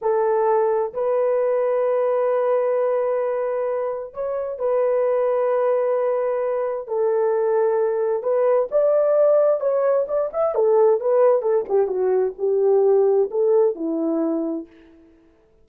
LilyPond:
\new Staff \with { instrumentName = "horn" } { \time 4/4 \tempo 4 = 131 a'2 b'2~ | b'1~ | b'4 cis''4 b'2~ | b'2. a'4~ |
a'2 b'4 d''4~ | d''4 cis''4 d''8 e''8 a'4 | b'4 a'8 g'8 fis'4 g'4~ | g'4 a'4 e'2 | }